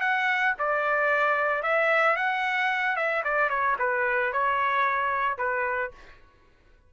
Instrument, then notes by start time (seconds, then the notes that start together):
trumpet
0.00 F#5
0.58 D5
1.62 E5
2.16 F#5
2.96 E5
3.24 D5
3.49 C#5
3.78 B4
4.32 C#5
5.37 B4